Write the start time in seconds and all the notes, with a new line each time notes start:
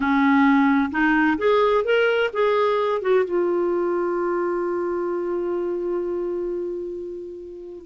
0.00 C#4
0.91 D#4
1.38 G#4
1.84 A#4
2.33 G#4
3.01 F#4
3.24 F4